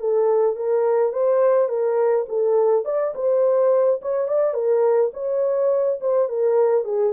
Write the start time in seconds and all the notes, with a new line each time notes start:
0.00 A4
0.56 A#4
1.13 C5
1.69 A#4
2.29 A4
2.85 D5
3.15 C5
4.02 C#5
4.28 D5
4.54 A#4
5.14 C#5
6.01 C5
6.29 A#4
6.85 G#4